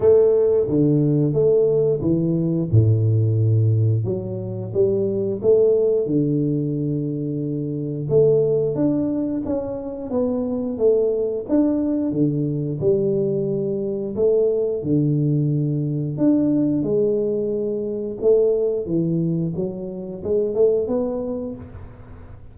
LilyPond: \new Staff \with { instrumentName = "tuba" } { \time 4/4 \tempo 4 = 89 a4 d4 a4 e4 | a,2 fis4 g4 | a4 d2. | a4 d'4 cis'4 b4 |
a4 d'4 d4 g4~ | g4 a4 d2 | d'4 gis2 a4 | e4 fis4 gis8 a8 b4 | }